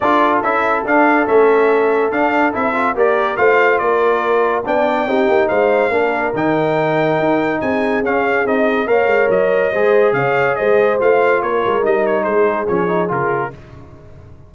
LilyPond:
<<
  \new Staff \with { instrumentName = "trumpet" } { \time 4/4 \tempo 4 = 142 d''4 e''4 f''4 e''4~ | e''4 f''4 e''4 d''4 | f''4 d''2 g''4~ | g''4 f''2 g''4~ |
g''2 gis''4 f''4 | dis''4 f''4 dis''2 | f''4 dis''4 f''4 cis''4 | dis''8 cis''8 c''4 cis''4 ais'4 | }
  \new Staff \with { instrumentName = "horn" } { \time 4/4 a'1~ | a'2. ais'4 | c''4 ais'2 d''4 | g'4 c''4 ais'2~ |
ais'2 gis'2~ | gis'4 cis''2 c''4 | cis''4 c''2 ais'4~ | ais'4 gis'2. | }
  \new Staff \with { instrumentName = "trombone" } { \time 4/4 f'4 e'4 d'4 cis'4~ | cis'4 d'4 e'8 f'8 g'4 | f'2. d'4 | dis'2 d'4 dis'4~ |
dis'2. cis'4 | dis'4 ais'2 gis'4~ | gis'2 f'2 | dis'2 cis'8 dis'8 f'4 | }
  \new Staff \with { instrumentName = "tuba" } { \time 4/4 d'4 cis'4 d'4 a4~ | a4 d'4 c'4 ais4 | a4 ais2 b4 | c'8 ais8 gis4 ais4 dis4~ |
dis4 dis'4 c'4 cis'4 | c'4 ais8 gis8 fis4 gis4 | cis4 gis4 a4 ais8 gis8 | g4 gis4 f4 cis4 | }
>>